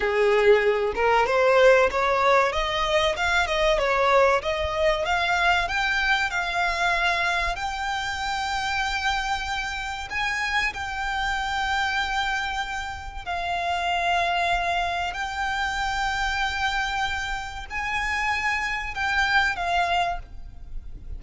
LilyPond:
\new Staff \with { instrumentName = "violin" } { \time 4/4 \tempo 4 = 95 gis'4. ais'8 c''4 cis''4 | dis''4 f''8 dis''8 cis''4 dis''4 | f''4 g''4 f''2 | g''1 |
gis''4 g''2.~ | g''4 f''2. | g''1 | gis''2 g''4 f''4 | }